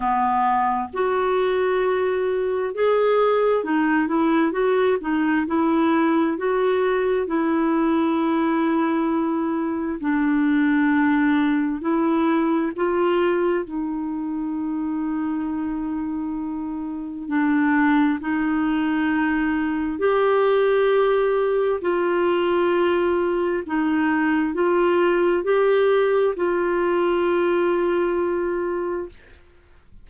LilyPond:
\new Staff \with { instrumentName = "clarinet" } { \time 4/4 \tempo 4 = 66 b4 fis'2 gis'4 | dis'8 e'8 fis'8 dis'8 e'4 fis'4 | e'2. d'4~ | d'4 e'4 f'4 dis'4~ |
dis'2. d'4 | dis'2 g'2 | f'2 dis'4 f'4 | g'4 f'2. | }